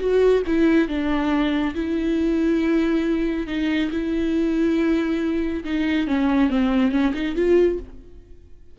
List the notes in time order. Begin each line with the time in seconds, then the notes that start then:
0.00 F#4
0.47 E4
0.88 D4
1.75 E4
3.47 D#4
3.92 E4
5.64 D#4
6.08 C#4
6.50 C4
6.92 C#4
7.14 D#4
7.36 F4